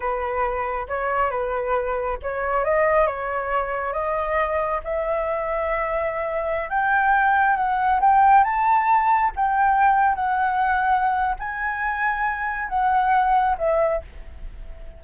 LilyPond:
\new Staff \with { instrumentName = "flute" } { \time 4/4 \tempo 4 = 137 b'2 cis''4 b'4~ | b'4 cis''4 dis''4 cis''4~ | cis''4 dis''2 e''4~ | e''2.~ e''16 g''8.~ |
g''4~ g''16 fis''4 g''4 a''8.~ | a''4~ a''16 g''2 fis''8.~ | fis''2 gis''2~ | gis''4 fis''2 e''4 | }